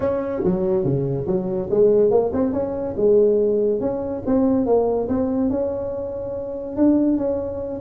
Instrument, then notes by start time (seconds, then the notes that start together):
tuba
0.00 C#4
0.44 F#3
0.83 C#3
1.26 F#3
1.70 G#3
2.10 A#3
2.33 C4
2.52 C#4
2.96 G#3
3.80 C#4
4.25 C4
4.65 A#3
5.08 C4
5.49 C#4
6.76 D4
7.17 C#4